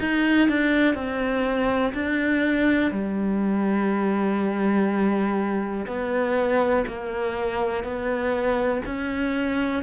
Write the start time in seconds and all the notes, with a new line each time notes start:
0.00 D#4
0.49 D4
0.95 C4
1.94 D4
2.92 G3
5.87 B3
6.88 A#3
7.84 B3
8.86 C#4